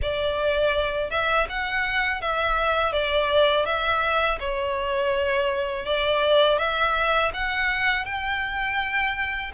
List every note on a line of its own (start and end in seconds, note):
0.02 1.10 D5
1.10 1.47 E5
1.49 2.21 F#5
2.21 2.92 E5
2.92 3.65 D5
3.65 4.38 E5
4.39 5.85 C#5
5.85 6.58 D5
6.58 7.31 E5
7.33 8.05 F#5
8.05 9.51 G5